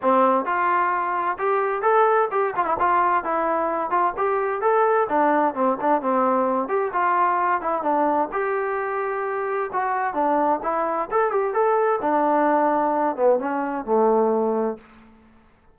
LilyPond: \new Staff \with { instrumentName = "trombone" } { \time 4/4 \tempo 4 = 130 c'4 f'2 g'4 | a'4 g'8 f'16 e'16 f'4 e'4~ | e'8 f'8 g'4 a'4 d'4 | c'8 d'8 c'4. g'8 f'4~ |
f'8 e'8 d'4 g'2~ | g'4 fis'4 d'4 e'4 | a'8 g'8 a'4 d'2~ | d'8 b8 cis'4 a2 | }